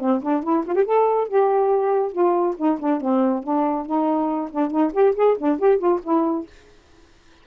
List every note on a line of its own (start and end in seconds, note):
0.00 0.21 C4
0.22 0.43 D4
0.43 0.64 E4
0.66 0.75 F4
0.75 0.85 G4
0.85 1.28 A4
1.28 2.12 G4
2.12 2.55 F4
2.57 2.79 D#4
2.79 3.01 D4
3.01 3.43 C4
3.43 3.86 D4
3.86 4.50 D#4
4.51 4.71 D4
4.71 4.92 D#4
4.93 5.14 G4
5.15 5.37 G#4
5.38 5.59 D4
5.59 5.78 G4
5.78 6.00 F4
6.03 6.46 E4